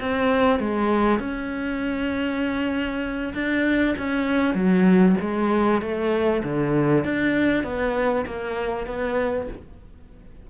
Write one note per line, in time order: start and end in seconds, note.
0.00 0.60 C4
0.60 1.19 G#3
1.19 3.34 C#4
3.34 3.95 D4
3.98 4.54 C#4
4.54 5.16 F#3
5.21 5.82 G#3
5.82 6.43 A3
6.43 7.04 D3
7.04 7.64 D4
7.64 8.25 B3
8.26 8.86 A#3
8.86 9.48 B3